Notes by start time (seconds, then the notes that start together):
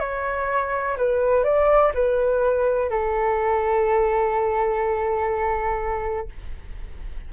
0.00 C#5
0.97 B4
1.44 D5
1.94 B4
2.90 A4